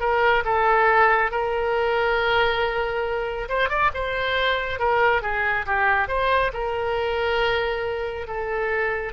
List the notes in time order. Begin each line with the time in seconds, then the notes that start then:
0.00 A#4
0.45 A4
1.31 A#4
3.49 C5
3.69 D5
3.94 C5
4.79 A#4
5.22 G#4
5.66 G4
6.08 C5
6.53 A#4
8.27 A4